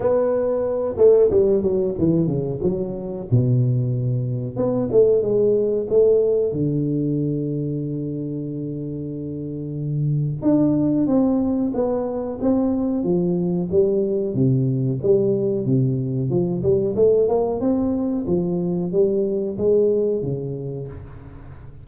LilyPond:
\new Staff \with { instrumentName = "tuba" } { \time 4/4 \tempo 4 = 92 b4. a8 g8 fis8 e8 cis8 | fis4 b,2 b8 a8 | gis4 a4 d2~ | d1 |
d'4 c'4 b4 c'4 | f4 g4 c4 g4 | c4 f8 g8 a8 ais8 c'4 | f4 g4 gis4 cis4 | }